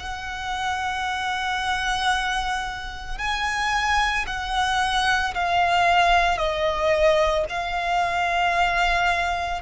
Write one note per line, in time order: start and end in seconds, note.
0.00 3.18 F#5
3.18 4.25 G#5
4.27 5.34 F#5
5.34 6.38 F5
6.38 7.45 D#5
7.50 9.62 F5